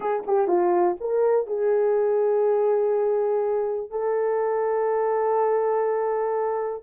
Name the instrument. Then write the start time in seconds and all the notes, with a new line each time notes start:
horn
0.00 G#4
0.26 G4
0.47 F4
1.00 A#4
1.46 G#4
3.90 A4